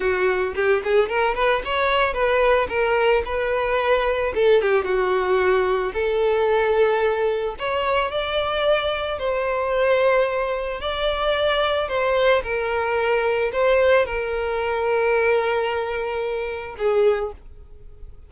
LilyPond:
\new Staff \with { instrumentName = "violin" } { \time 4/4 \tempo 4 = 111 fis'4 g'8 gis'8 ais'8 b'8 cis''4 | b'4 ais'4 b'2 | a'8 g'8 fis'2 a'4~ | a'2 cis''4 d''4~ |
d''4 c''2. | d''2 c''4 ais'4~ | ais'4 c''4 ais'2~ | ais'2. gis'4 | }